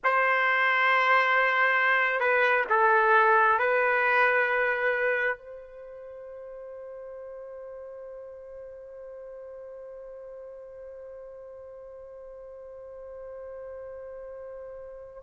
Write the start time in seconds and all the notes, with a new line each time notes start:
0.04 C5
2.19 B4
2.69 A4
3.58 B4
5.37 C5